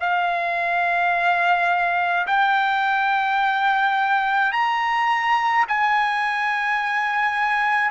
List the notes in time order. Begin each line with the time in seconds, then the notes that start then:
0.00 F5
2.27 G5
4.52 A#5
5.68 G#5